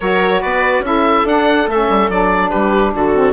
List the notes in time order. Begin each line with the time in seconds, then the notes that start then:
0.00 F#3 F#4 A#4 C#5
0.41 B3 B4 D5
0.79 C#4 E4 E5
0.86 A4
1.24 D4 F#5
1.66 A3 C#4 E5
1.89 G3
2.09 F#3 D4 D5
2.50 G3 G4 B4
2.94 D3 F#4 A4
3.14 C4